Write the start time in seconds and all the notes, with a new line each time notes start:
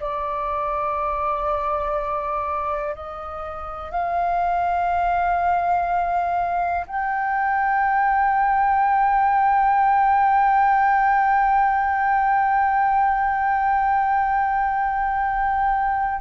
0.00 D5
2.95 D#5
3.91 F5
6.87 G5